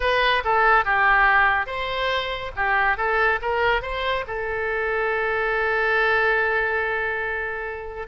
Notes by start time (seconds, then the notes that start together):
0.00 B4
0.44 A4
0.85 G4
1.66 C5
2.56 G4
2.97 A4
3.41 A#4
3.82 C5
4.27 A4